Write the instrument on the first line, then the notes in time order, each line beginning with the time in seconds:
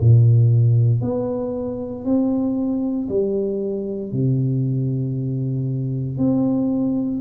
tuba
0.00 A#2
1.01 B3
2.05 C4
3.08 G3
4.12 C3
6.17 C4